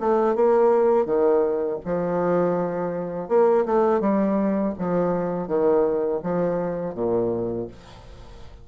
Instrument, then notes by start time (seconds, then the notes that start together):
bassoon
0.00 A3
0.35 A#3
1.06 D#3
1.85 F3
3.29 A#3
3.66 A3
4.00 G3
4.79 F3
5.47 D#3
6.23 F3
6.94 A#2